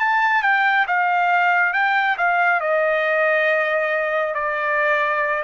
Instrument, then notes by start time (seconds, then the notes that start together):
trumpet
0.00 A5
0.43 G5
0.87 F5
1.74 G5
2.18 F5
2.60 D#5
4.35 D5